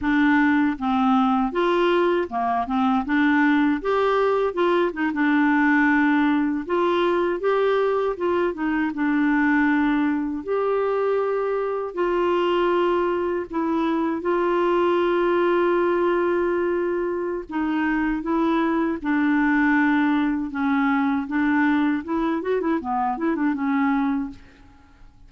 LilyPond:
\new Staff \with { instrumentName = "clarinet" } { \time 4/4 \tempo 4 = 79 d'4 c'4 f'4 ais8 c'8 | d'4 g'4 f'8 dis'16 d'4~ d'16~ | d'8. f'4 g'4 f'8 dis'8 d'16~ | d'4.~ d'16 g'2 f'16~ |
f'4.~ f'16 e'4 f'4~ f'16~ | f'2. dis'4 | e'4 d'2 cis'4 | d'4 e'8 fis'16 e'16 b8 e'16 d'16 cis'4 | }